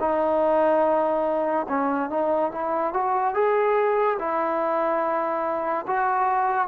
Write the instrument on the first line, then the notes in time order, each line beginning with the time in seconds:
trombone
0.00 D#4
1.69 C#4
2.10 D#4
2.52 E4
2.94 F#4
3.34 G#4
4.19 E4
5.87 F#4